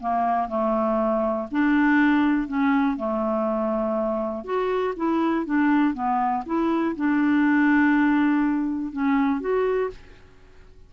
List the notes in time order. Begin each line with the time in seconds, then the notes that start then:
0.00 A#3
0.48 A3
1.51 D4
2.47 C#4
2.97 A3
4.44 F#4
4.96 E4
5.45 D4
5.94 B3
6.46 E4
6.96 D4
8.92 C#4
9.40 F#4